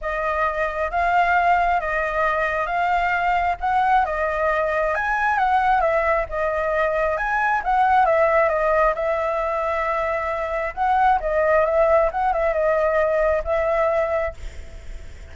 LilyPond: \new Staff \with { instrumentName = "flute" } { \time 4/4 \tempo 4 = 134 dis''2 f''2 | dis''2 f''2 | fis''4 dis''2 gis''4 | fis''4 e''4 dis''2 |
gis''4 fis''4 e''4 dis''4 | e''1 | fis''4 dis''4 e''4 fis''8 e''8 | dis''2 e''2 | }